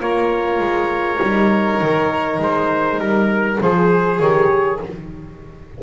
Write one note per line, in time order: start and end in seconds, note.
0.00 0.59 A#3
0.00 1.20 F4
0.00 3.62 A#4
0.00 2.42 C#5
0.59 1.19 G#3
1.22 1.81 G3
1.22 3.60 D#4
1.81 2.40 D#3
2.40 2.99 G#3
2.40 3.00 C5
2.99 3.59 G3
2.99 3.60 A#4
3.60 4.20 F3
3.60 4.20 G#4
3.60 4.83 G#4
3.60 4.20 C5
4.20 4.80 D#3
4.20 4.80 G4
4.20 4.80 C#5